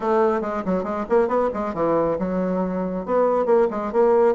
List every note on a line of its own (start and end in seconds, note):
0.00 0.41 A3
0.41 0.63 G#3
0.65 0.83 F#3
0.83 1.05 G#3
1.09 1.28 A#3
1.28 1.49 B3
1.53 1.74 G#3
1.74 2.17 E3
2.18 3.05 F#3
3.05 3.45 B3
3.45 3.67 A#3
3.70 3.92 G#3
3.92 4.35 A#3